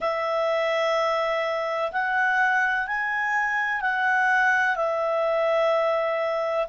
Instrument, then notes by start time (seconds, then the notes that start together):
clarinet
0.00 E5
1.92 F#5
2.87 G#5
3.81 F#5
4.76 E5